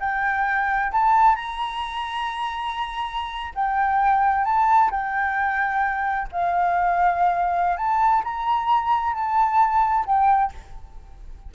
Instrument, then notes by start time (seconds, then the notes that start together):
flute
0.00 G5
0.92 A5
1.36 A#5
3.55 G5
4.45 A5
4.91 G5
6.32 F5
7.77 A5
8.24 A#5
9.14 A5
10.06 G5